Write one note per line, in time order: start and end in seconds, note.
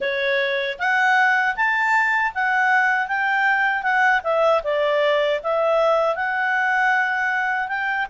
0.00 0.77 C#5
0.78 1.55 F#5
1.56 2.33 A5
2.34 3.07 F#5
3.07 3.83 G5
3.83 4.21 F#5
4.23 4.62 E5
4.63 5.40 D5
5.43 6.15 E5
6.15 7.67 F#5
7.67 8.06 G5